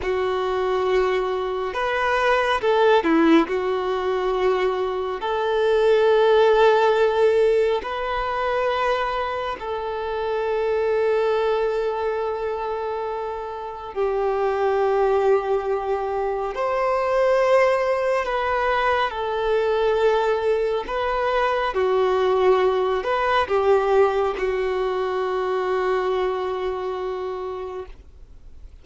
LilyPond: \new Staff \with { instrumentName = "violin" } { \time 4/4 \tempo 4 = 69 fis'2 b'4 a'8 e'8 | fis'2 a'2~ | a'4 b'2 a'4~ | a'1 |
g'2. c''4~ | c''4 b'4 a'2 | b'4 fis'4. b'8 g'4 | fis'1 | }